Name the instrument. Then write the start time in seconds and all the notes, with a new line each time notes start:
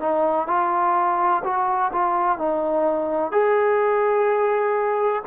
trombone
0.00 D#4
0.47 F4
1.44 F#4
1.93 F4
2.38 D#4
3.32 G#4